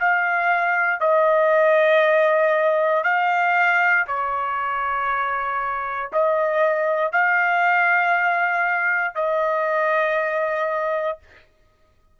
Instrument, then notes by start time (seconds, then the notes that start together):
trumpet
0.00 F5
1.01 D#5
3.05 F5
4.08 C#5
6.13 D#5
7.13 F5
9.16 D#5